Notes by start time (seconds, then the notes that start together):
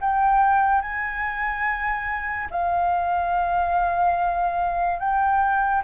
0.00 G5
0.81 G#5
2.50 F5
4.99 G5